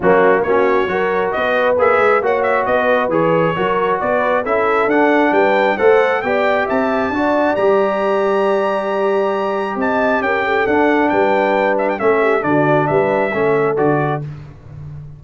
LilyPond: <<
  \new Staff \with { instrumentName = "trumpet" } { \time 4/4 \tempo 4 = 135 fis'4 cis''2 dis''4 | e''4 fis''8 e''8 dis''4 cis''4~ | cis''4 d''4 e''4 fis''4 | g''4 fis''4 g''4 a''4~ |
a''4 ais''2.~ | ais''2 a''4 g''4 | fis''4 g''4. e''16 g''16 e''4 | d''4 e''2 d''4 | }
  \new Staff \with { instrumentName = "horn" } { \time 4/4 cis'4 fis'4 ais'4 b'4~ | b'4 cis''4 b'2 | ais'4 b'4 a'2 | b'4 c''4 d''4 e''4 |
d''1~ | d''2 dis''4 ais'8 a'8~ | a'4 b'2 a'8 g'8 | fis'4 b'4 a'2 | }
  \new Staff \with { instrumentName = "trombone" } { \time 4/4 ais4 cis'4 fis'2 | gis'4 fis'2 gis'4 | fis'2 e'4 d'4~ | d'4 a'4 g'2 |
fis'4 g'2.~ | g'1 | d'2. cis'4 | d'2 cis'4 fis'4 | }
  \new Staff \with { instrumentName = "tuba" } { \time 4/4 fis4 ais4 fis4 b4 | ais8 gis8 ais4 b4 e4 | fis4 b4 cis'4 d'4 | g4 a4 b4 c'4 |
d'4 g2.~ | g2 c'4 cis'4 | d'4 g2 a4 | d4 g4 a4 d4 | }
>>